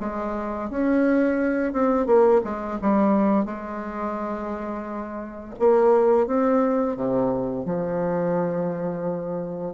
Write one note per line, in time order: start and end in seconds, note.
0.00 0.70 G#3
0.70 1.73 C#4
1.73 2.06 C4
2.06 2.41 A#3
2.44 2.79 G#3
2.81 3.45 G3
3.45 5.54 G#3
5.59 6.26 A#3
6.26 6.96 C4
6.96 7.65 C3
7.65 9.74 F3